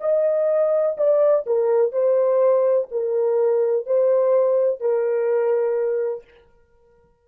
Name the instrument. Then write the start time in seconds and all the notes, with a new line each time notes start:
horn
0.00 D#5
0.97 D5
1.46 A#4
1.92 C5
2.91 A#4
3.86 C5
4.80 A#4